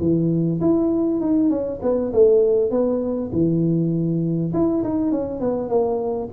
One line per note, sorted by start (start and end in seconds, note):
0.00 0.60 E3
0.60 1.20 E4
1.20 1.49 D#4
1.49 1.79 C#4
1.82 2.12 B3
2.13 2.71 A3
2.71 3.31 B3
3.32 4.52 E3
4.53 4.83 E4
4.84 5.11 D#4
5.11 5.40 C#4
5.40 5.69 B3
5.69 6.29 A#3